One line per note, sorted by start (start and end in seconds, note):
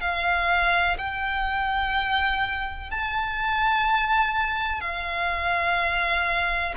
0.00 0.97 F5
0.98 2.90 G5
2.90 4.80 A5
4.80 6.74 F5